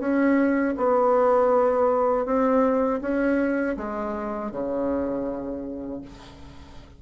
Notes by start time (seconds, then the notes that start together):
0.00 C#4
0.78 B3
2.26 C4
3.02 C#4
3.77 G#3
4.52 C#3